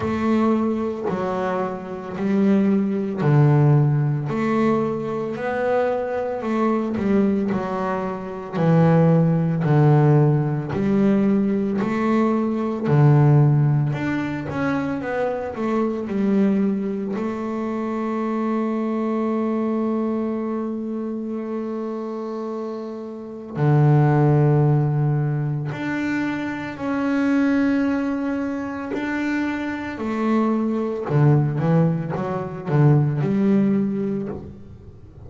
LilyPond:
\new Staff \with { instrumentName = "double bass" } { \time 4/4 \tempo 4 = 56 a4 fis4 g4 d4 | a4 b4 a8 g8 fis4 | e4 d4 g4 a4 | d4 d'8 cis'8 b8 a8 g4 |
a1~ | a2 d2 | d'4 cis'2 d'4 | a4 d8 e8 fis8 d8 g4 | }